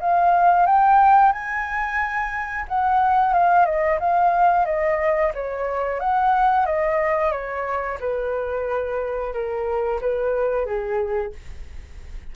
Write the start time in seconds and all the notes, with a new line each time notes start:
0.00 F5
0.66 G5
1.32 G#5
2.68 F#5
3.33 F5
3.65 D#5
3.99 F5
4.65 D#5
5.34 C#5
5.99 F#5
6.65 D#5
7.31 C#5
8.00 B4
9.33 A#4
10.01 B4
10.65 G#4